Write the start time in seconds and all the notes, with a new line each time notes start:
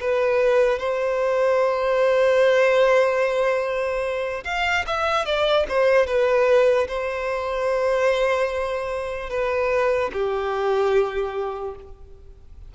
0.00 B4
0.79 C5
4.44 F5
4.86 E5
5.25 D5
5.68 C5
6.06 B4
6.87 C5
9.29 B4
10.13 G4